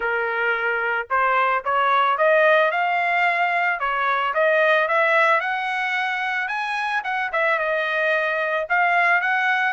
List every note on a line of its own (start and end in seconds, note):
0.00 1.07 A#4
1.10 1.64 C5
1.64 2.17 C#5
2.17 2.71 D#5
2.71 3.79 F5
3.79 4.33 C#5
4.34 4.88 D#5
4.88 5.40 E5
5.40 6.47 F#5
6.47 7.01 G#5
7.03 7.30 F#5
7.32 7.58 E5
7.58 8.67 D#5
8.69 9.21 F5
9.21 9.73 F#5